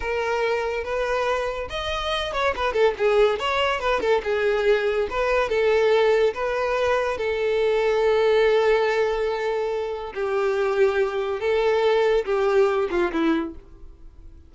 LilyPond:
\new Staff \with { instrumentName = "violin" } { \time 4/4 \tempo 4 = 142 ais'2 b'2 | dis''4. cis''8 b'8 a'8 gis'4 | cis''4 b'8 a'8 gis'2 | b'4 a'2 b'4~ |
b'4 a'2.~ | a'1 | g'2. a'4~ | a'4 g'4. f'8 e'4 | }